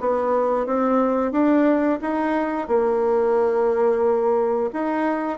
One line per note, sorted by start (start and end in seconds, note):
0.00 0.66 B3
0.66 1.31 C4
1.31 1.99 D4
2.01 2.68 D#4
2.68 4.70 A#3
4.73 5.38 D#4